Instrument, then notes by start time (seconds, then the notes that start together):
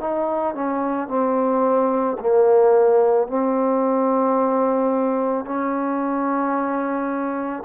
trombone
0.00 D#4
0.55 C#4
1.08 C4
2.20 A#3
3.27 C4
5.45 C#4